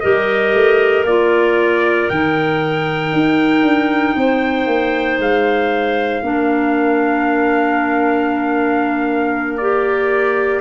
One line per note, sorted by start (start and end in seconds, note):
0.00 0.53 G3
0.00 1.06 G4
0.00 4.16 A#4
0.00 1.03 D#5
0.53 1.04 A3
1.04 2.08 A#3
1.04 2.11 F4
1.04 2.09 D5
2.09 3.13 D#3
2.09 6.23 D#4
2.09 5.19 G5
3.13 3.62 D#4
3.62 4.14 D4
4.16 4.66 C4
4.16 6.22 C5
4.66 5.18 A#3
5.19 6.22 G#3
5.19 9.57 F5
6.22 10.61 A#3
6.22 9.59 D4
6.22 10.61 A#4
9.57 10.61 G4
9.57 10.60 D5